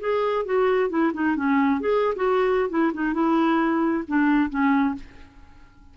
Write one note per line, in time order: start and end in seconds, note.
0.00 0.45 G#4
0.45 0.90 F#4
0.90 1.12 E4
1.14 1.36 D#4
1.36 1.80 C#4
1.80 2.14 G#4
2.16 2.69 F#4
2.69 2.92 E4
2.94 3.14 D#4
3.14 4.04 E4
4.08 4.50 D4
4.50 4.95 C#4